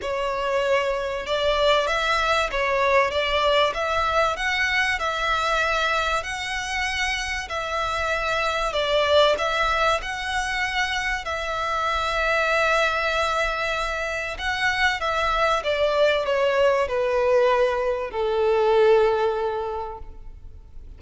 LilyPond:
\new Staff \with { instrumentName = "violin" } { \time 4/4 \tempo 4 = 96 cis''2 d''4 e''4 | cis''4 d''4 e''4 fis''4 | e''2 fis''2 | e''2 d''4 e''4 |
fis''2 e''2~ | e''2. fis''4 | e''4 d''4 cis''4 b'4~ | b'4 a'2. | }